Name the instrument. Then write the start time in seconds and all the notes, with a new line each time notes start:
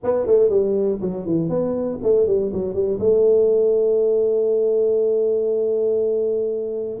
tuba
0.03 B3
0.26 A3
0.49 G3
1.01 F#3
1.26 E3
1.49 B3
2.02 A3
2.27 G3
2.52 F#3
2.73 G3
2.99 A3